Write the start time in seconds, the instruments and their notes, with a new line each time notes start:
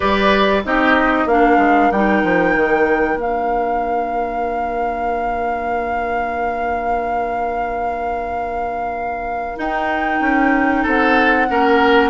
0.00 bassoon G3, clarinet G4, oboe B4, flute D5
0.64 bassoon C4, clarinet D#4, oboe G4, flute D#5
1.25 bassoon A#3, clarinet D4, oboe A#4, flute F5
1.57 bassoon G#3
1.91 bassoon G3, clarinet D#4, flute G5
2.23 bassoon F3
2.56 bassoon D#3
3.14 bassoon A#3, clarinet D4, flute F5
9.56 clarinet D#4, bassoon D#4, flute G5
10.20 bassoon C#4
10.82 bassoon C4, oboe A4, flute F#5
11.48 bassoon A#3, clarinet C#4, oboe A#4